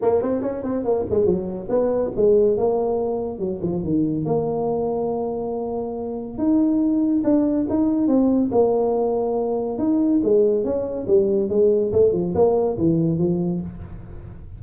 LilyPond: \new Staff \with { instrumentName = "tuba" } { \time 4/4 \tempo 4 = 141 ais8 c'8 cis'8 c'8 ais8 gis8 fis4 | b4 gis4 ais2 | fis8 f8 dis4 ais2~ | ais2. dis'4~ |
dis'4 d'4 dis'4 c'4 | ais2. dis'4 | gis4 cis'4 g4 gis4 | a8 f8 ais4 e4 f4 | }